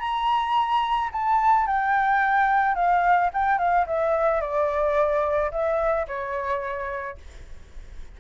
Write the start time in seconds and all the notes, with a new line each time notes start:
0.00 A#5
1.13 A5
1.67 G5
2.75 F5
3.34 G5
3.58 F5
3.87 E5
4.41 D5
5.52 E5
6.08 C#5